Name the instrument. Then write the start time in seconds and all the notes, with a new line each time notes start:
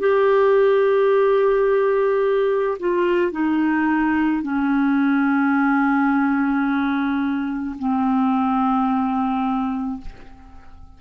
clarinet
0.00 G4
2.79 F4
3.32 D#4
4.42 C#4
7.79 C4